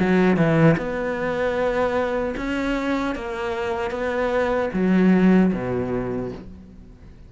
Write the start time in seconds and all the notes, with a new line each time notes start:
0.00 F#3
0.37 E3
0.78 B3
2.37 C#4
3.15 A#3
3.91 B3
4.74 F#3
5.54 B2